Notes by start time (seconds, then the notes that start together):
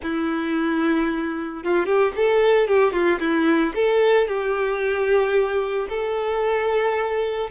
0.03 E4
1.63 F4
1.85 G4
2.16 A4
2.67 G4
2.92 F4
3.19 E4
3.75 A4
4.27 G4
5.89 A4